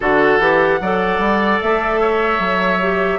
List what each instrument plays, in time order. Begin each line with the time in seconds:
0.00 bassoon D3, clarinet F#4, oboe A4, flute F#5
0.39 bassoon E3, clarinet G4
0.80 bassoon F#3, clarinet A4, oboe D5
1.18 bassoon G3
1.61 bassoon A3, flute E5
2.01 oboe C#5
2.39 bassoon F#3
2.81 clarinet G4